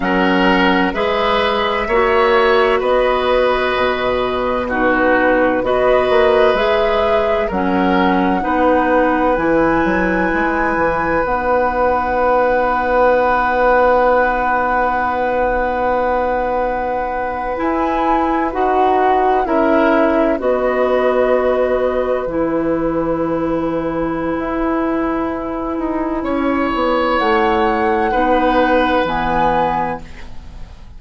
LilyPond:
<<
  \new Staff \with { instrumentName = "flute" } { \time 4/4 \tempo 4 = 64 fis''4 e''2 dis''4~ | dis''4 b'4 dis''4 e''4 | fis''2 gis''2 | fis''1~ |
fis''2~ fis''8. gis''4 fis''16~ | fis''8. e''4 dis''2 gis''16~ | gis''1~ | gis''4 fis''2 gis''4 | }
  \new Staff \with { instrumentName = "oboe" } { \time 4/4 ais'4 b'4 cis''4 b'4~ | b'4 fis'4 b'2 | ais'4 b'2.~ | b'1~ |
b'1~ | b'8. ais'4 b'2~ b'16~ | b'1 | cis''2 b'2 | }
  \new Staff \with { instrumentName = "clarinet" } { \time 4/4 cis'4 gis'4 fis'2~ | fis'4 dis'4 fis'4 gis'4 | cis'4 dis'4 e'2 | dis'1~ |
dis'2~ dis'8. e'4 fis'16~ | fis'8. e'4 fis'2 e'16~ | e'1~ | e'2 dis'4 b4 | }
  \new Staff \with { instrumentName = "bassoon" } { \time 4/4 fis4 gis4 ais4 b4 | b,2 b8 ais8 gis4 | fis4 b4 e8 fis8 gis8 e8 | b1~ |
b2~ b8. e'4 dis'16~ | dis'8. cis'4 b2 e16~ | e2 e'4. dis'8 | cis'8 b8 a4 b4 e4 | }
>>